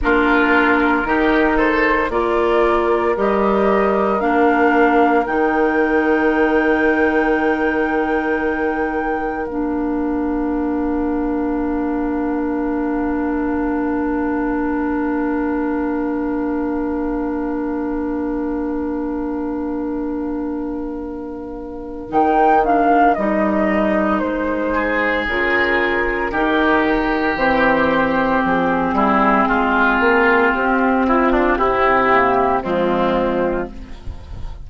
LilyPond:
<<
  \new Staff \with { instrumentName = "flute" } { \time 4/4 \tempo 4 = 57 ais'4. c''8 d''4 dis''4 | f''4 g''2.~ | g''4 f''2.~ | f''1~ |
f''1~ | f''4 g''8 f''8 dis''4 c''4 | ais'2 c''4 gis'4~ | gis'4 g'8 f'8 g'4 f'4 | }
  \new Staff \with { instrumentName = "oboe" } { \time 4/4 f'4 g'8 a'8 ais'2~ | ais'1~ | ais'1~ | ais'1~ |
ais'1~ | ais'2.~ ais'8 gis'8~ | gis'4 g'2~ g'8 e'8 | f'4. e'16 d'16 e'4 c'4 | }
  \new Staff \with { instrumentName = "clarinet" } { \time 4/4 d'4 dis'4 f'4 g'4 | d'4 dis'2.~ | dis'4 d'2.~ | d'1~ |
d'1~ | d'4 dis'8 d'8 dis'2 | f'4 dis'4 c'2~ | c'2~ c'8 ais8 gis4 | }
  \new Staff \with { instrumentName = "bassoon" } { \time 4/4 ais4 dis4 ais4 g4 | ais4 dis2.~ | dis4 ais2.~ | ais1~ |
ais1~ | ais4 dis4 g4 gis4 | cis4 dis4 e4 f8 g8 | gis8 ais8 c'4 c4 f4 | }
>>